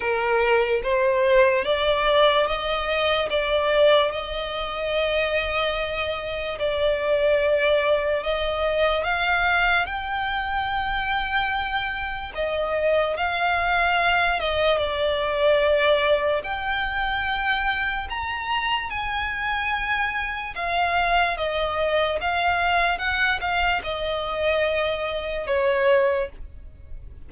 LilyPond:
\new Staff \with { instrumentName = "violin" } { \time 4/4 \tempo 4 = 73 ais'4 c''4 d''4 dis''4 | d''4 dis''2. | d''2 dis''4 f''4 | g''2. dis''4 |
f''4. dis''8 d''2 | g''2 ais''4 gis''4~ | gis''4 f''4 dis''4 f''4 | fis''8 f''8 dis''2 cis''4 | }